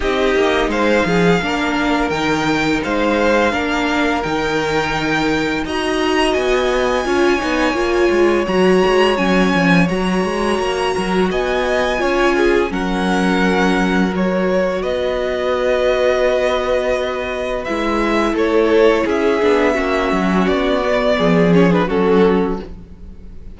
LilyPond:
<<
  \new Staff \with { instrumentName = "violin" } { \time 4/4 \tempo 4 = 85 dis''4 f''2 g''4 | f''2 g''2 | ais''4 gis''2. | ais''4 gis''4 ais''2 |
gis''2 fis''2 | cis''4 dis''2.~ | dis''4 e''4 cis''4 e''4~ | e''4 d''4. cis''16 b'16 a'4 | }
  \new Staff \with { instrumentName = "violin" } { \time 4/4 g'4 c''8 gis'8 ais'2 | c''4 ais'2. | dis''2 cis''2~ | cis''2.~ cis''8 ais'8 |
dis''4 cis''8 gis'8 ais'2~ | ais'4 b'2.~ | b'2 a'4 gis'4 | fis'2 gis'4 fis'4 | }
  \new Staff \with { instrumentName = "viola" } { \time 4/4 dis'2 d'4 dis'4~ | dis'4 d'4 dis'2 | fis'2 f'8 dis'8 f'4 | fis'4 cis'4 fis'2~ |
fis'4 f'4 cis'2 | fis'1~ | fis'4 e'2~ e'8 d'8 | cis'4. b4 cis'16 d'16 cis'4 | }
  \new Staff \with { instrumentName = "cello" } { \time 4/4 c'8 ais8 gis8 f8 ais4 dis4 | gis4 ais4 dis2 | dis'4 b4 cis'8 b8 ais8 gis8 | fis8 gis8 fis8 f8 fis8 gis8 ais8 fis8 |
b4 cis'4 fis2~ | fis4 b2.~ | b4 gis4 a4 cis'8 b8 | ais8 fis8 b4 f4 fis4 | }
>>